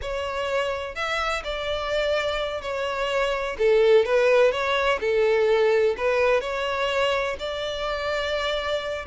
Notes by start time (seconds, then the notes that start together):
0.01 C#5
0.95 E5
1.44 D5
2.61 C#5
3.58 A4
4.05 B4
4.51 C#5
5.00 A4
5.97 B4
6.40 C#5
7.39 D5